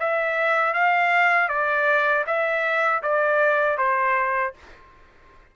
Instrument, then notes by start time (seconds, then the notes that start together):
trumpet
0.00 E5
0.74 F5
1.48 D5
2.26 E5
3.02 D5
3.78 C5